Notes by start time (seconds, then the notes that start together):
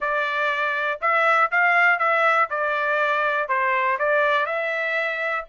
0.00 D5
1.01 E5
1.51 F5
1.98 E5
2.50 D5
3.48 C5
3.98 D5
4.46 E5